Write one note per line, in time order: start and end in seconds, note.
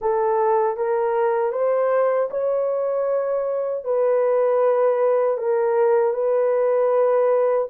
0.01 0.77 A4
0.77 1.52 A#4
1.52 2.29 C5
2.30 3.84 C#5
3.84 5.37 B4
5.37 6.13 A#4
6.13 7.67 B4